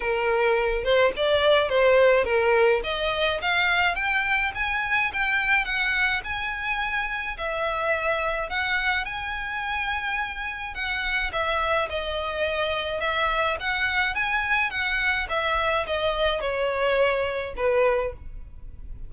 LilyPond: \new Staff \with { instrumentName = "violin" } { \time 4/4 \tempo 4 = 106 ais'4. c''8 d''4 c''4 | ais'4 dis''4 f''4 g''4 | gis''4 g''4 fis''4 gis''4~ | gis''4 e''2 fis''4 |
gis''2. fis''4 | e''4 dis''2 e''4 | fis''4 gis''4 fis''4 e''4 | dis''4 cis''2 b'4 | }